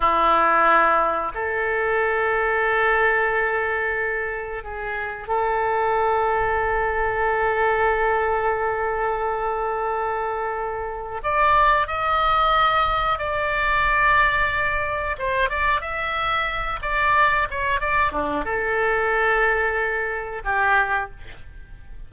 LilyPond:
\new Staff \with { instrumentName = "oboe" } { \time 4/4 \tempo 4 = 91 e'2 a'2~ | a'2. gis'4 | a'1~ | a'1~ |
a'4 d''4 dis''2 | d''2. c''8 d''8 | e''4. d''4 cis''8 d''8 d'8 | a'2. g'4 | }